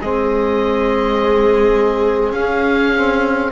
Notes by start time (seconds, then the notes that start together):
0.00 G#3 C4 G#4 D#5
2.31 C#4 F5
2.96 C4